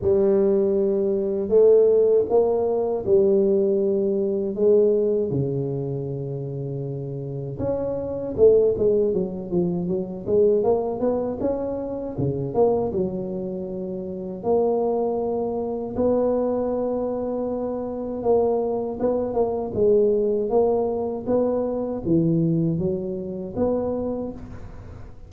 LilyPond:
\new Staff \with { instrumentName = "tuba" } { \time 4/4 \tempo 4 = 79 g2 a4 ais4 | g2 gis4 cis4~ | cis2 cis'4 a8 gis8 | fis8 f8 fis8 gis8 ais8 b8 cis'4 |
cis8 ais8 fis2 ais4~ | ais4 b2. | ais4 b8 ais8 gis4 ais4 | b4 e4 fis4 b4 | }